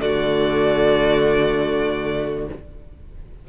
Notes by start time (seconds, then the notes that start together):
0.00 D3 A3 F#4 D5